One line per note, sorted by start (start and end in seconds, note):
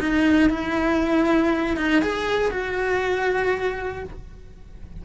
0.00 0.50 D#4
0.50 1.77 E4
1.77 2.02 D#4
2.02 2.51 G#4
2.51 4.04 F#4